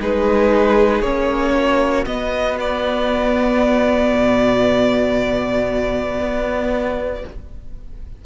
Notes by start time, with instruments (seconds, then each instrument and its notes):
0.00 cello G#3, viola D#4, violin G#4 B4
1.01 cello A#3, viola C#4, violin C#5
1.55 violin F#4
2.05 cello B3, viola B3, violin D#5
2.60 violin D5
4.13 cello B2
6.20 cello B3